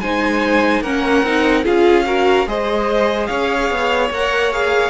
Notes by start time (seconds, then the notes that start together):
0.00 G#3 D#4 C5 G#5
0.81 A#3 C#4 A#4 F#5
1.22 C4 D#4
1.64 C#4 F4 G#4 F5
2.05 F#4 A#4
2.46 G#3 G#4 C5 D#5
3.26 C#4 C#5 F5
3.71 B3
4.10 A#3 A#4 F#5
4.52 G#4 F5